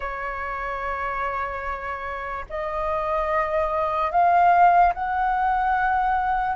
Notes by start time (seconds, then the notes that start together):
0.00 C#5
2.49 D#5
4.11 F5
4.94 F#5